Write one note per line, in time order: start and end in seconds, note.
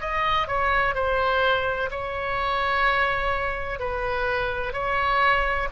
0.00 0.47 D#5
0.47 0.94 C#5
0.94 1.89 C5
1.90 3.79 C#5
3.79 4.73 B4
4.73 5.68 C#5